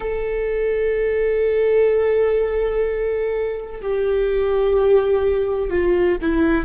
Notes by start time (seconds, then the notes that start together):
0.00 A4
3.81 G4
5.69 F4
6.21 E4